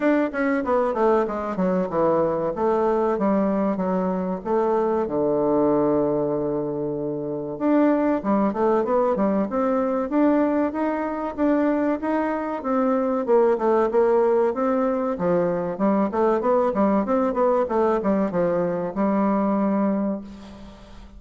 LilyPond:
\new Staff \with { instrumentName = "bassoon" } { \time 4/4 \tempo 4 = 95 d'8 cis'8 b8 a8 gis8 fis8 e4 | a4 g4 fis4 a4 | d1 | d'4 g8 a8 b8 g8 c'4 |
d'4 dis'4 d'4 dis'4 | c'4 ais8 a8 ais4 c'4 | f4 g8 a8 b8 g8 c'8 b8 | a8 g8 f4 g2 | }